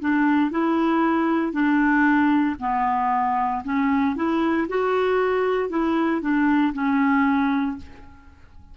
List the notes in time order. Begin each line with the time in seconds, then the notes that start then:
0.00 D4
0.51 E4
1.52 D4
2.60 B3
3.64 C#4
4.16 E4
4.68 F#4
5.69 E4
6.22 D4
6.73 C#4